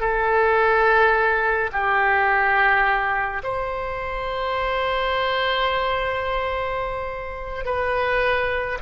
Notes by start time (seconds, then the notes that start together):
0.00 A4
1.72 G4
3.43 C5
7.64 B4